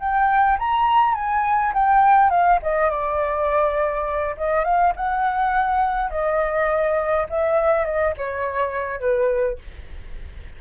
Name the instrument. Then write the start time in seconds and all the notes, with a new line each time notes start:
flute
0.00 G5
0.59 A#5
1.15 G#5
1.74 G5
2.30 F5
2.63 D#5
2.90 D5
4.38 D#5
4.65 F5
4.96 F#5
6.11 D#5
7.30 E5
7.85 D#5
8.18 C#5
9.01 B4